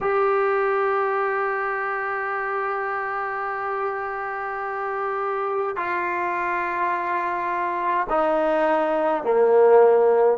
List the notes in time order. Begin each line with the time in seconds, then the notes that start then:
0.00 G4
5.76 F4
8.09 D#4
9.23 A#3